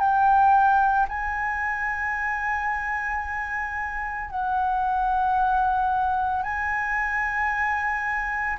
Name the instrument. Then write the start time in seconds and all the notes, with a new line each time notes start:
flute
0.00 G5
1.09 G#5
4.30 F#5
6.43 G#5